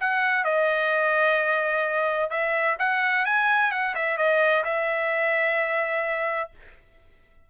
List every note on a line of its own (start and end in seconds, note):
0.00 0.44 F#5
0.44 2.30 D#5
2.30 2.77 E5
2.79 3.25 F#5
3.25 3.71 G#5
3.71 3.95 F#5
3.95 4.17 E5
4.17 4.64 D#5
4.64 6.50 E5